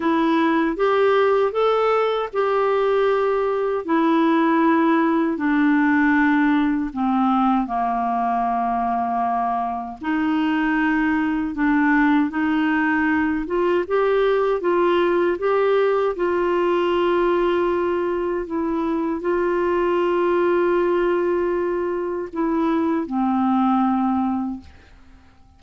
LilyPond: \new Staff \with { instrumentName = "clarinet" } { \time 4/4 \tempo 4 = 78 e'4 g'4 a'4 g'4~ | g'4 e'2 d'4~ | d'4 c'4 ais2~ | ais4 dis'2 d'4 |
dis'4. f'8 g'4 f'4 | g'4 f'2. | e'4 f'2.~ | f'4 e'4 c'2 | }